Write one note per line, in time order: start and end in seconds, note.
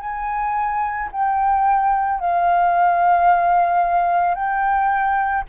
0.00 1.09 G#5
1.12 2.20 G5
2.20 4.35 F5
4.35 5.44 G5